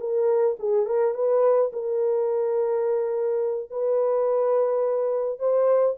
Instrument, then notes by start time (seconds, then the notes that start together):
horn
0.00 A#4
0.59 G#4
0.86 A#4
1.14 B4
1.73 A#4
3.70 B4
5.39 C5